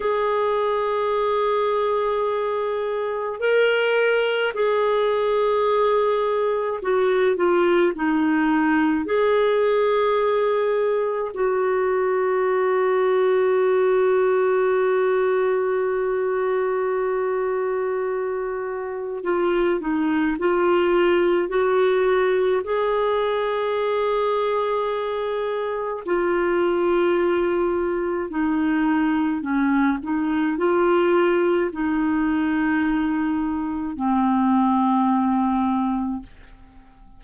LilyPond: \new Staff \with { instrumentName = "clarinet" } { \time 4/4 \tempo 4 = 53 gis'2. ais'4 | gis'2 fis'8 f'8 dis'4 | gis'2 fis'2~ | fis'1~ |
fis'4 f'8 dis'8 f'4 fis'4 | gis'2. f'4~ | f'4 dis'4 cis'8 dis'8 f'4 | dis'2 c'2 | }